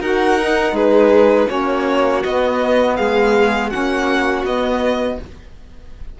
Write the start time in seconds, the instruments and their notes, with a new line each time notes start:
0.00 cello D#4, saxophone F#4, violin A#4 F#5
0.39 saxophone D#4
0.72 cello G#3, violin G#4 B4
1.48 cello A#3, saxophone C#4, violin F#4 C#5
2.23 cello B3, saxophone B3, violin D#5
2.96 cello G#3, violin G#4 F5
3.69 cello A#3, saxophone C#4, violin F#4 F#5
4.44 cello B3, saxophone B3, violin D#5